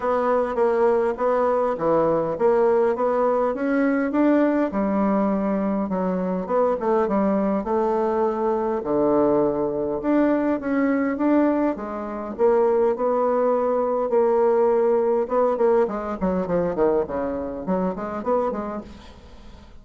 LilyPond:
\new Staff \with { instrumentName = "bassoon" } { \time 4/4 \tempo 4 = 102 b4 ais4 b4 e4 | ais4 b4 cis'4 d'4 | g2 fis4 b8 a8 | g4 a2 d4~ |
d4 d'4 cis'4 d'4 | gis4 ais4 b2 | ais2 b8 ais8 gis8 fis8 | f8 dis8 cis4 fis8 gis8 b8 gis8 | }